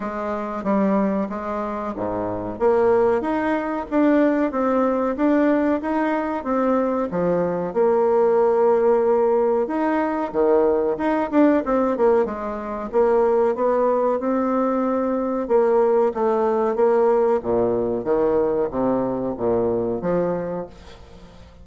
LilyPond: \new Staff \with { instrumentName = "bassoon" } { \time 4/4 \tempo 4 = 93 gis4 g4 gis4 gis,4 | ais4 dis'4 d'4 c'4 | d'4 dis'4 c'4 f4 | ais2. dis'4 |
dis4 dis'8 d'8 c'8 ais8 gis4 | ais4 b4 c'2 | ais4 a4 ais4 ais,4 | dis4 c4 ais,4 f4 | }